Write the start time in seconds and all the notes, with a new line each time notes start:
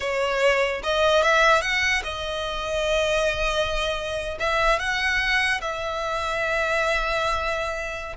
0.00 C#5
0.83 D#5
1.22 E5
1.61 F#5
2.03 D#5
4.39 E5
4.79 F#5
5.61 E5